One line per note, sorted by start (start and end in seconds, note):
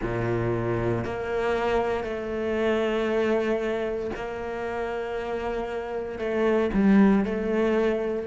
0.01 1.04 A#2
1.04 2.04 A#3
2.04 4.11 A3
4.15 6.18 A#3
6.18 6.70 A3
6.73 7.25 G3
7.25 8.27 A3